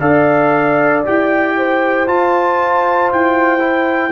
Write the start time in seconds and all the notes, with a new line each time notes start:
0.00 D4 A4 D5 F5
1.05 E4 G4 G5
1.57 C5
2.07 F4 A5
3.12 E4 G5
3.59 E4